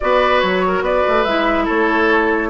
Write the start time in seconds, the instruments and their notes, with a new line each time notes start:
0.00 bassoon B3, clarinet F#4, oboe B4, flute D5
0.40 bassoon F#3, flute C#5
0.67 oboe A#4
0.81 bassoon B3, oboe B4, flute D5
1.08 bassoon A3
1.24 bassoon G#3, clarinet E4, flute E5
1.64 bassoon A3, oboe A4, flute C#5